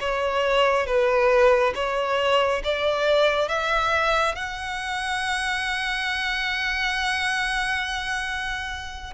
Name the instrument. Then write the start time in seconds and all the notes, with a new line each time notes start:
violin
0.00 C#5
0.86 B4
1.75 C#5
2.64 D5
3.48 E5
4.35 F#5